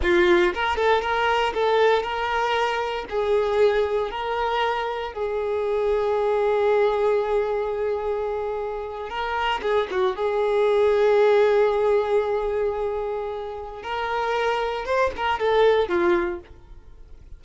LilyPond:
\new Staff \with { instrumentName = "violin" } { \time 4/4 \tempo 4 = 117 f'4 ais'8 a'8 ais'4 a'4 | ais'2 gis'2 | ais'2 gis'2~ | gis'1~ |
gis'4.~ gis'16 ais'4 gis'8 fis'8 gis'16~ | gis'1~ | gis'2. ais'4~ | ais'4 c''8 ais'8 a'4 f'4 | }